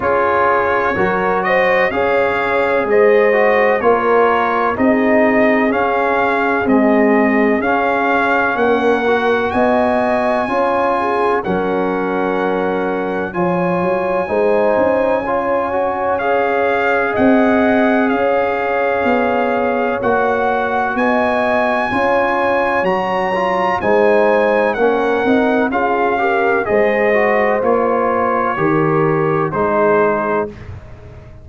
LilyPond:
<<
  \new Staff \with { instrumentName = "trumpet" } { \time 4/4 \tempo 4 = 63 cis''4. dis''8 f''4 dis''4 | cis''4 dis''4 f''4 dis''4 | f''4 fis''4 gis''2 | fis''2 gis''2~ |
gis''4 f''4 fis''4 f''4~ | f''4 fis''4 gis''2 | ais''4 gis''4 fis''4 f''4 | dis''4 cis''2 c''4 | }
  \new Staff \with { instrumentName = "horn" } { \time 4/4 gis'4 ais'8 c''8 cis''4 c''4 | ais'4 gis'2.~ | gis'4 ais'4 dis''4 cis''8 gis'8 | ais'2 cis''4 c''4 |
cis''2 dis''4 cis''4~ | cis''2 dis''4 cis''4~ | cis''4 c''4 ais'4 gis'8 ais'8 | c''2 ais'4 gis'4 | }
  \new Staff \with { instrumentName = "trombone" } { \time 4/4 f'4 fis'4 gis'4. fis'8 | f'4 dis'4 cis'4 gis4 | cis'4. fis'4. f'4 | cis'2 f'4 dis'4 |
f'8 fis'8 gis'2.~ | gis'4 fis'2 f'4 | fis'8 f'8 dis'4 cis'8 dis'8 f'8 g'8 | gis'8 fis'8 f'4 g'4 dis'4 | }
  \new Staff \with { instrumentName = "tuba" } { \time 4/4 cis'4 fis4 cis'4 gis4 | ais4 c'4 cis'4 c'4 | cis'4 ais4 b4 cis'4 | fis2 f8 fis8 gis8 cis'8~ |
cis'2 c'4 cis'4 | b4 ais4 b4 cis'4 | fis4 gis4 ais8 c'8 cis'4 | gis4 ais4 dis4 gis4 | }
>>